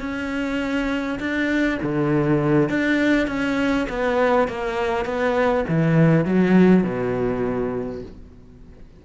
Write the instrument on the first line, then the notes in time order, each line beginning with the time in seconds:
cello
0.00 C#4
1.19 D4
1.83 D3
2.69 D4
3.27 C#4
3.89 B3
4.48 A#3
5.05 B3
5.68 E3
6.25 F#3
6.84 B2